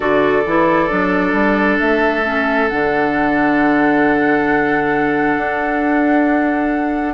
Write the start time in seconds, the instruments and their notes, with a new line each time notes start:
0.00 bassoon D3, clarinet F#4, oboe A4, flute D5
0.45 bassoon E3, clarinet E4
0.89 bassoon F#3, clarinet D4
1.32 bassoon G3
1.79 bassoon A3, flute E5
2.24 clarinet C#4
2.68 bassoon D3, clarinet D4, flute F#5
5.37 bassoon D4